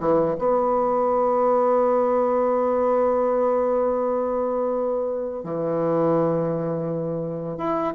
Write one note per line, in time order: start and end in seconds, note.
0.00 0.36 E3
0.39 5.44 B3
5.44 7.58 E3
7.58 7.94 E4